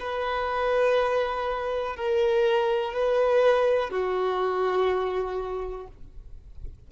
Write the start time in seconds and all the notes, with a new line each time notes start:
0.00 B4
1.97 A#4
2.94 B4
3.91 F#4